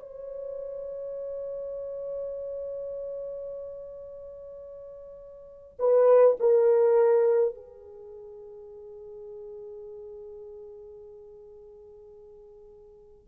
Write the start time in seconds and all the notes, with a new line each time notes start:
0.00 C#5
5.79 B4
6.40 A#4
7.55 G#4